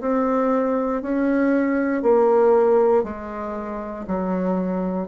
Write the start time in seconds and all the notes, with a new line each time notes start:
0.00 C4
1.02 C#4
2.02 A#3
3.03 G#3
4.07 F#3